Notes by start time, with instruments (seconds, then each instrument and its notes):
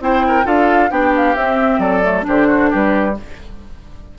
0.00 bassoon C4, clarinet E4, oboe C5, flute G5
0.28 oboe A#4
0.44 bassoon D4, clarinet F4, oboe A4, flute F5
0.90 bassoon B3, clarinet D4, oboe G4, flute G5
1.16 flute F5
1.36 bassoon C4, clarinet C4, flute E5
1.79 bassoon F#3, oboe A4, flute D5
2.03 clarinet A3
2.23 bassoon D3, clarinet D4, oboe G4, flute C5
2.47 oboe F#4
2.71 bassoon G3, oboe G4, flute B4